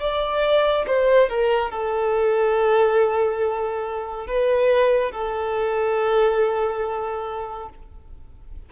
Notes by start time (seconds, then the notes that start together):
0.00 D5
0.87 C5
1.30 A#4
1.71 A4
4.27 B4
5.12 A4